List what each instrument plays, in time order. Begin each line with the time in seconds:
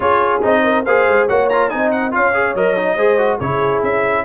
0.00 tuba C#4, trombone F4, horn G#4, trumpet C#5
0.42 tuba C4, trombone D#4, trumpet D#5
0.63 horn A#4
0.85 tuba A#3, trombone G#4, horn C5, trumpet F5
1.07 tuba G#3
1.26 tuba A#3, trombone F#4, horn C#5, trumpet F#5
1.49 trombone F4, trumpet A#5
1.69 tuba C4, trombone D#4, horn D#5, trumpet G#5
1.91 trumpet F#5
2.11 tuba C#4, trombone F4, horn C#5, trumpet F5
2.34 trombone G#4
2.54 tuba F#3, trombone A#4, trumpet D#5
2.76 trombone D#4
2.95 tuba G#3, trombone G#4, horn C5
3.18 trombone F#4
3.36 tuba C#3, horn G#4, trumpet C#5
3.42 trombone E4
3.82 tuba C#4, trumpet E5